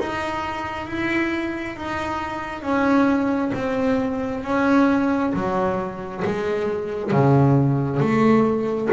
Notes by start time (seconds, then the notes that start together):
0.00 D#4
0.87 E4
1.77 D#4
2.63 C#4
3.55 C4
4.44 C#4
5.34 F#3
6.25 G#3
7.12 C#3
8.00 A3